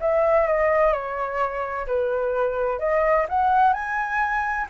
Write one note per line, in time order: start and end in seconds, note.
0.00 0.47 E5
0.47 0.93 D#5
0.93 1.86 C#5
1.86 2.79 B4
2.79 3.26 D#5
3.28 3.73 F#5
3.73 4.67 G#5